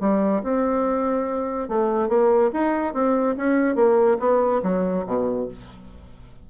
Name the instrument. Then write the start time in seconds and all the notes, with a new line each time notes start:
bassoon
0.00 G3
0.42 C4
1.68 A3
2.08 A#3
2.53 D#4
2.93 C4
3.37 C#4
3.75 A#3
4.19 B3
4.63 F#3
5.06 B2